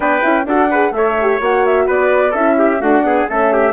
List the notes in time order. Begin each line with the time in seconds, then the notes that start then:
0.00 B3 D4 B4 G5
0.22 C#4 E4
0.45 D4 F#4 A4 F#5
0.70 G#4 B4
0.91 A3 A4 C#5 E5
1.21 G4
1.40 A#3 F#4 F#5
1.65 E5
1.86 B3 B4 D5
2.31 C#4 E4 A4 E5
2.58 G4
2.79 A3 D4 F#4 F#5
3.03 B3 G#4
3.28 A3 C#4 A4 E5
3.52 G4